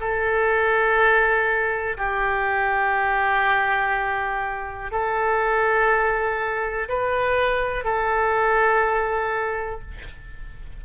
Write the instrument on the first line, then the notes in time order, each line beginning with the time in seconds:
oboe
0.00 A4
1.97 G4
4.91 A4
6.89 B4
7.84 A4